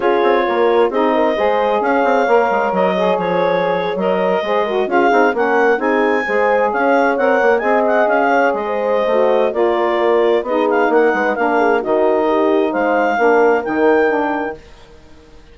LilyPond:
<<
  \new Staff \with { instrumentName = "clarinet" } { \time 4/4 \tempo 4 = 132 cis''2 dis''2 | f''2 dis''4 cis''4~ | cis''8. dis''2 f''4 fis''16~ | fis''8. gis''2 f''4 fis''16~ |
fis''8. gis''8 fis''8 f''4 dis''4~ dis''16~ | dis''4 d''2 dis''8 f''8 | fis''4 f''4 dis''2 | f''2 g''2 | }
  \new Staff \with { instrumentName = "horn" } { \time 4/4 gis'4 ais'4 gis'8 ais'8 c''4 | cis''1~ | cis''4.~ cis''16 c''8 ais'8 gis'4 ais'16~ | ais'8. gis'4 c''4 cis''4~ cis''16~ |
cis''8. dis''4. cis''8. c''4~ | c''4 ais'2 gis'4 | ais'8 b'8 ais'8 gis'8 fis'4 g'4 | c''4 ais'2. | }
  \new Staff \with { instrumentName = "saxophone" } { \time 4/4 f'2 dis'4 gis'4~ | gis'4 ais'4. gis'4.~ | gis'8. ais'4 gis'8 fis'8 f'8 dis'8 cis'16~ | cis'8. dis'4 gis'2 ais'16~ |
ais'8. gis'2.~ gis'16 | fis'4 f'2 dis'4~ | dis'4 d'4 dis'2~ | dis'4 d'4 dis'4 d'4 | }
  \new Staff \with { instrumentName = "bassoon" } { \time 4/4 cis'8 c'8 ais4 c'4 gis4 | cis'8 c'8 ais8 gis8 fis4 f4~ | f8. fis4 gis4 cis'8 c'8 ais16~ | ais8. c'4 gis4 cis'4 c'16~ |
c'16 ais8 c'4 cis'4 gis4~ gis16 | a4 ais2 b4 | ais8 gis8 ais4 dis2 | gis4 ais4 dis2 | }
>>